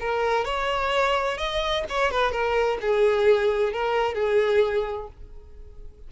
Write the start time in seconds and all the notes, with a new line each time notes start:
0.00 A#4
0.45 C#5
1.38 D#5
1.90 C#5
2.12 B4
2.32 A#4
2.81 G#4
3.73 A#4
4.15 G#4